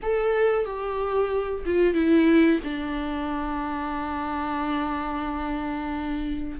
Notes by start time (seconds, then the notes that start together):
0.02 A4
0.65 G4
1.65 F4
1.94 E4
2.64 D4